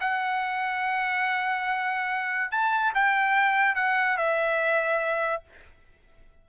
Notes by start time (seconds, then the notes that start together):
0.00 F#5
2.51 A5
2.94 G5
3.75 F#5
4.17 E5